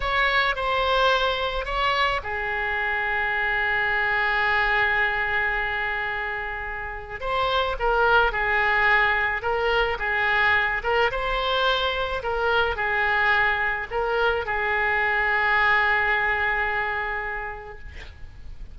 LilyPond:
\new Staff \with { instrumentName = "oboe" } { \time 4/4 \tempo 4 = 108 cis''4 c''2 cis''4 | gis'1~ | gis'1~ | gis'4 c''4 ais'4 gis'4~ |
gis'4 ais'4 gis'4. ais'8 | c''2 ais'4 gis'4~ | gis'4 ais'4 gis'2~ | gis'1 | }